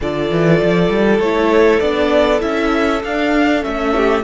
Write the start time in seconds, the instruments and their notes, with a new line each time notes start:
0.00 cello D3, viola F4, violin A4 D5
0.30 cello E3
0.62 cello F3
0.89 cello G3
1.19 cello A3, viola E4, violin C#5
1.79 cello B3, viola D4, violin D5
2.39 cello C#4, viola E4, violin E5
3.03 cello D4, viola D4, violin F5
3.61 cello A3, viola C#4, violin E5
3.95 violin G4